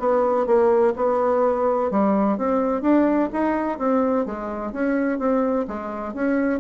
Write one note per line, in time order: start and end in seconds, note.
0.00 0.47 B3
0.47 0.94 A#3
0.97 1.91 B3
1.91 2.38 G3
2.38 2.82 C4
2.82 3.29 D4
3.33 3.79 D#4
3.79 4.26 C4
4.26 4.73 G#3
4.73 5.19 C#4
5.19 5.66 C4
5.68 6.15 G#3
6.15 6.60 C#4